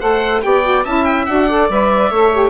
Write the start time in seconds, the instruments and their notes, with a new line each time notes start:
0.00 bassoon A3, saxophone A4, viola C5, oboe F#5
0.42 bassoon B3, saxophone G4, viola D5, oboe G5
0.63 saxophone F#4
0.85 bassoon C#4, saxophone E4, viola E5, oboe A5
1.05 oboe G5
1.26 bassoon D4, saxophone F#4, oboe F#5
1.48 saxophone A4, viola D5
1.70 bassoon G3, saxophone B4, oboe E5
2.11 bassoon A3, saxophone A4, viola C#5
2.33 saxophone G4